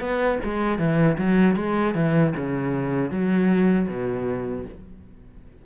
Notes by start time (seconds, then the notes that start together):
0.00 B3
0.43 G#3
0.78 E3
1.17 F#3
1.56 G#3
1.94 E3
2.36 C#3
3.10 F#3
3.88 B2